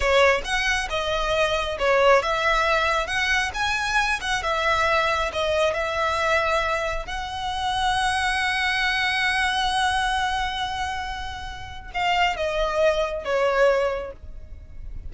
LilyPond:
\new Staff \with { instrumentName = "violin" } { \time 4/4 \tempo 4 = 136 cis''4 fis''4 dis''2 | cis''4 e''2 fis''4 | gis''4. fis''8 e''2 | dis''4 e''2. |
fis''1~ | fis''1~ | fis''2. f''4 | dis''2 cis''2 | }